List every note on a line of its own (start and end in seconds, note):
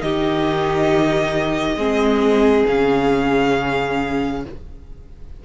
0.00 1.76 D#3
0.00 1.76 D#4
0.00 1.78 G4
0.00 2.66 D#5
1.76 2.64 G#3
1.76 2.66 C4
1.76 4.42 G#4
2.67 4.45 C#3
2.67 4.44 C#4
2.67 4.44 F5